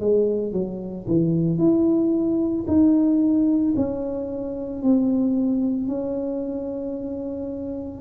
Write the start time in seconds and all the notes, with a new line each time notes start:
0.00 G#3
0.53 F#3
1.08 E3
1.58 E4
2.67 D#4
3.76 C#4
4.83 C4
5.88 C#4